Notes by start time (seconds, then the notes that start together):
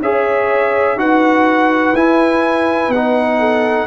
0.00 C#4 G#4 C#5 E5
0.96 D#4 F#4 B4 F#5
1.93 E4 G#5
2.88 B3 F#5
2.94 D#4
3.39 A4